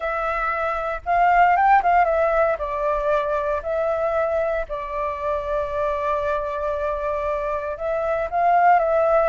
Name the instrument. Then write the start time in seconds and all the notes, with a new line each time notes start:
flute
0.00 E5
1.05 F5
1.56 G5
1.82 F5
2.05 E5
2.58 D5
3.62 E5
4.68 D5
7.77 E5
8.30 F5
8.79 E5